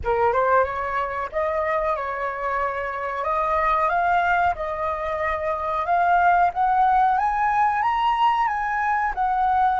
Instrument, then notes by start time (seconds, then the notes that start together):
flute
0.04 A#4
0.32 C5
0.63 C#5
1.32 D#5
1.96 C#5
3.23 D#5
3.89 F5
4.55 D#5
5.85 F5
6.53 F#5
7.17 G#5
7.82 A#5
8.47 G#5
9.14 F#5